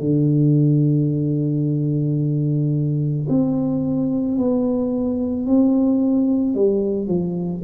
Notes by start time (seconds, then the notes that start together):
0.00 D3
3.29 C4
4.38 B3
5.46 C4
6.55 G3
7.07 F3